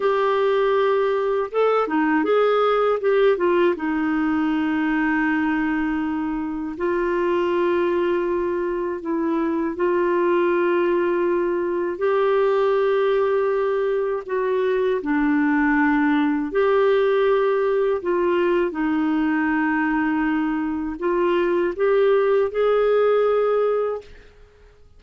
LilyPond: \new Staff \with { instrumentName = "clarinet" } { \time 4/4 \tempo 4 = 80 g'2 a'8 dis'8 gis'4 | g'8 f'8 dis'2.~ | dis'4 f'2. | e'4 f'2. |
g'2. fis'4 | d'2 g'2 | f'4 dis'2. | f'4 g'4 gis'2 | }